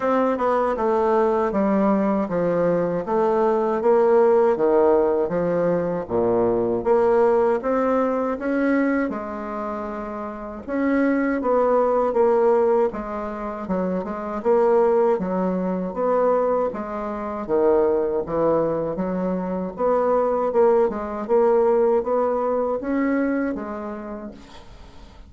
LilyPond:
\new Staff \with { instrumentName = "bassoon" } { \time 4/4 \tempo 4 = 79 c'8 b8 a4 g4 f4 | a4 ais4 dis4 f4 | ais,4 ais4 c'4 cis'4 | gis2 cis'4 b4 |
ais4 gis4 fis8 gis8 ais4 | fis4 b4 gis4 dis4 | e4 fis4 b4 ais8 gis8 | ais4 b4 cis'4 gis4 | }